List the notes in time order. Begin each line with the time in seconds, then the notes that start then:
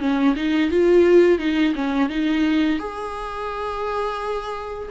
0.00 C#4
0.36 D#4
0.71 F4
1.39 D#4
1.75 C#4
2.10 D#4
2.79 G#4